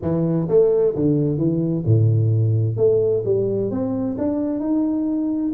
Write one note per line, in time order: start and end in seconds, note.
0.01 0.48 E3
0.48 0.94 A3
0.95 1.37 D3
1.37 1.83 E3
1.85 2.77 A2
2.77 3.23 A3
3.25 3.70 G3
3.70 4.16 C4
4.17 4.59 D4
4.59 5.52 D#4